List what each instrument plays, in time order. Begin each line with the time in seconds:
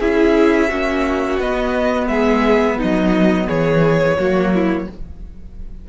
0.00 cello C#4, viola E4, violin G#4 E5
0.69 cello A#3, viola C#4, violin F#4
1.38 cello B3, viola B3, violin D#5
2.07 cello G#3, violin G#4 E5
2.78 cello F#3, violin D#4 D#5
3.48 cello E3, violin G#4 C#5
4.18 cello F#3, viola A#3, violin F#4
4.55 violin E4